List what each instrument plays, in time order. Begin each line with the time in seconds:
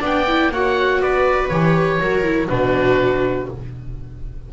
0.00 double bass B3, viola D4 D5, oboe G5
0.28 viola E4
0.51 double bass A#3, viola F#4 C#5, oboe F#5
1.01 double bass B3, viola B4, oboe D5
1.48 double bass E3, viola G4, oboe C#5
1.99 double bass F#3, viola F#4 A#4
2.24 viola E4
2.49 double bass B2, viola D4 F#4, oboe B4